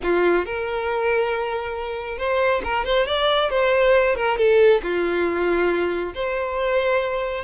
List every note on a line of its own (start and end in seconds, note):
0.02 0.45 F4
0.45 2.18 A#4
2.18 2.61 C5
2.64 2.84 A#4
2.84 3.06 C5
3.06 3.50 D5
3.50 4.15 C5
4.15 4.37 A#4
4.37 4.81 A4
4.82 6.14 F4
6.14 7.44 C5